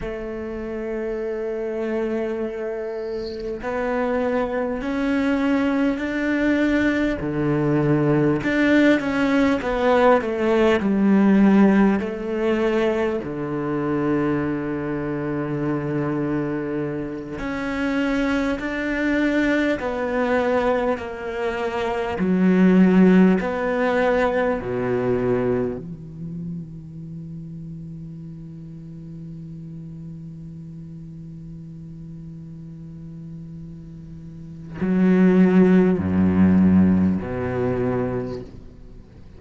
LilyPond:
\new Staff \with { instrumentName = "cello" } { \time 4/4 \tempo 4 = 50 a2. b4 | cis'4 d'4 d4 d'8 cis'8 | b8 a8 g4 a4 d4~ | d2~ d8 cis'4 d'8~ |
d'8 b4 ais4 fis4 b8~ | b8 b,4 e2~ e8~ | e1~ | e4 fis4 fis,4 b,4 | }